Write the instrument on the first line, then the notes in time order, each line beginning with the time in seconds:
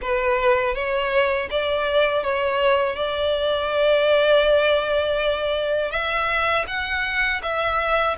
violin
0.01 B4
0.74 C#5
1.50 D5
2.23 C#5
2.96 D5
5.91 E5
6.67 F#5
7.42 E5